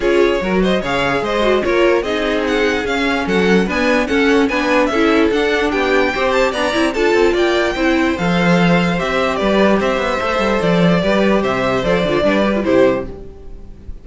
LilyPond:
<<
  \new Staff \with { instrumentName = "violin" } { \time 4/4 \tempo 4 = 147 cis''4. dis''8 f''4 dis''4 | cis''4 dis''4 fis''4 f''4 | fis''4 gis''4 fis''4 gis''4 | e''4 fis''4 g''4. a''8 |
ais''4 a''4 g''2 | f''2 e''4 d''4 | e''2 d''2 | e''4 d''2 c''4 | }
  \new Staff \with { instrumentName = "violin" } { \time 4/4 gis'4 ais'8 c''8 cis''4 c''4 | ais'4 gis'2. | a'4 b'4 a'4 b'4 | a'2 g'4 c''4 |
d''4 a'4 d''4 c''4~ | c''2. b'4 | c''2. b'4 | c''2 b'4 g'4 | }
  \new Staff \with { instrumentName = "viola" } { \time 4/4 f'4 fis'4 gis'4. fis'8 | f'4 dis'2 cis'4~ | cis'4 b4 cis'4 d'4 | e'4 d'2 g'4 |
d'8 e'8 f'2 e'4 | a'2 g'2~ | g'4 a'2 g'4~ | g'4 a'8 f'8 d'8 g'16 f'16 e'4 | }
  \new Staff \with { instrumentName = "cello" } { \time 4/4 cis'4 fis4 cis4 gis4 | ais4 c'2 cis'4 | fis4 d'4 cis'4 b4 | cis'4 d'4 b4 c'4 |
b8 c'8 d'8 c'8 ais4 c'4 | f2 c'4 g4 | c'8 b8 a8 g8 f4 g4 | c4 f8 d8 g4 c4 | }
>>